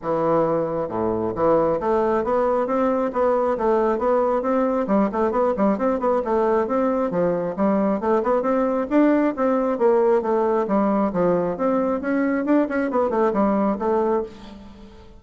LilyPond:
\new Staff \with { instrumentName = "bassoon" } { \time 4/4 \tempo 4 = 135 e2 a,4 e4 | a4 b4 c'4 b4 | a4 b4 c'4 g8 a8 | b8 g8 c'8 b8 a4 c'4 |
f4 g4 a8 b8 c'4 | d'4 c'4 ais4 a4 | g4 f4 c'4 cis'4 | d'8 cis'8 b8 a8 g4 a4 | }